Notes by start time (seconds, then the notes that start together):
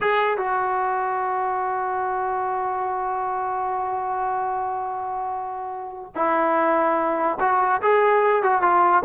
0.01 G#4
0.37 F#4
6.15 E4
7.40 F#4
7.82 G#4
8.42 F#4
8.62 F4